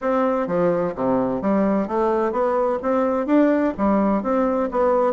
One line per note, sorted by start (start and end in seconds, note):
0.01 0.47 C4
0.47 0.94 F3
0.95 1.41 C3
1.41 1.87 G3
1.87 2.32 A3
2.32 2.78 B3
2.82 3.26 C4
3.26 3.73 D4
3.77 4.23 G3
4.23 4.69 C4
4.71 5.13 B3